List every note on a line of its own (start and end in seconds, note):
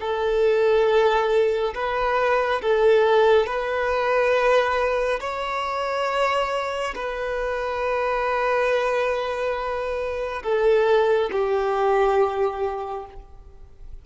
0.00 1.74 A4
1.74 2.61 B4
2.62 3.46 A4
3.46 5.20 B4
5.20 6.94 C#5
6.95 10.43 B4
10.43 11.30 A4
11.32 13.06 G4